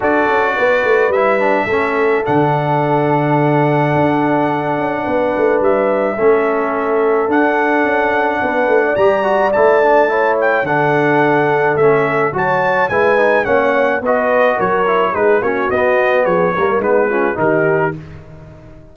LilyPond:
<<
  \new Staff \with { instrumentName = "trumpet" } { \time 4/4 \tempo 4 = 107 d''2 e''2 | fis''1~ | fis''2 e''2~ | e''4 fis''2. |
ais''4 a''4. g''8 fis''4~ | fis''4 e''4 a''4 gis''4 | fis''4 dis''4 cis''4 b'8 cis''8 | dis''4 cis''4 b'4 ais'4 | }
  \new Staff \with { instrumentName = "horn" } { \time 4/4 a'4 b'2 a'4~ | a'1~ | a'4 b'2 a'4~ | a'2. b'8. d''16~ |
d''2 cis''4 a'4~ | a'2 cis''4 b'4 | cis''4 b'4 ais'4 gis'8 fis'8~ | fis'4 gis'8 ais'8 dis'8 f'8 g'4 | }
  \new Staff \with { instrumentName = "trombone" } { \time 4/4 fis'2 e'8 d'8 cis'4 | d'1~ | d'2. cis'4~ | cis'4 d'2. |
g'8 fis'8 e'8 d'8 e'4 d'4~ | d'4 cis'4 fis'4 e'8 dis'8 | cis'4 fis'4. e'8 dis'8 cis'8 | b4. ais8 b8 cis'8 dis'4 | }
  \new Staff \with { instrumentName = "tuba" } { \time 4/4 d'8 cis'8 b8 a8 g4 a4 | d2. d'4~ | d'8 cis'8 b8 a8 g4 a4~ | a4 d'4 cis'4 b8 a8 |
g4 a2 d4~ | d4 a4 fis4 gis4 | ais4 b4 fis4 gis8 ais8 | b4 f8 g8 gis4 dis4 | }
>>